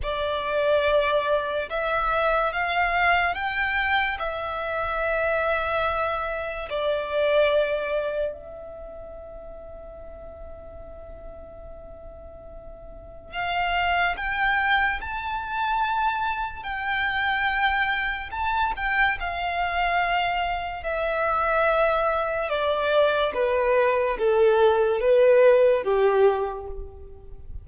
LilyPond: \new Staff \with { instrumentName = "violin" } { \time 4/4 \tempo 4 = 72 d''2 e''4 f''4 | g''4 e''2. | d''2 e''2~ | e''1 |
f''4 g''4 a''2 | g''2 a''8 g''8 f''4~ | f''4 e''2 d''4 | b'4 a'4 b'4 g'4 | }